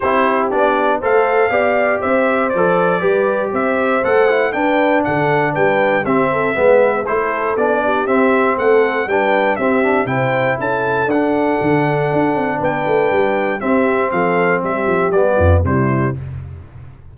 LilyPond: <<
  \new Staff \with { instrumentName = "trumpet" } { \time 4/4 \tempo 4 = 119 c''4 d''4 f''2 | e''4 d''2 e''4 | fis''4 g''4 fis''4 g''4 | e''2 c''4 d''4 |
e''4 fis''4 g''4 e''4 | g''4 a''4 fis''2~ | fis''4 g''2 e''4 | f''4 e''4 d''4 c''4 | }
  \new Staff \with { instrumentName = "horn" } { \time 4/4 g'2 c''4 d''4 | c''2 b'4 c''4~ | c''4 b'4 a'4 b'4 | g'8 a'8 b'4 a'4. g'8~ |
g'4 a'4 b'4 g'4 | c''4 a'2.~ | a'4 b'2 g'4 | a'4 g'4. f'8 e'4 | }
  \new Staff \with { instrumentName = "trombone" } { \time 4/4 e'4 d'4 a'4 g'4~ | g'4 a'4 g'2 | a'8 e'8 d'2. | c'4 b4 e'4 d'4 |
c'2 d'4 c'8 d'8 | e'2 d'2~ | d'2. c'4~ | c'2 b4 g4 | }
  \new Staff \with { instrumentName = "tuba" } { \time 4/4 c'4 b4 a4 b4 | c'4 f4 g4 c'4 | a4 d'4 d4 g4 | c'4 gis4 a4 b4 |
c'4 a4 g4 c'4 | c4 cis'4 d'4 d4 | d'8 c'8 b8 a8 g4 c'4 | f4 g8 f8 g8 f,8 c4 | }
>>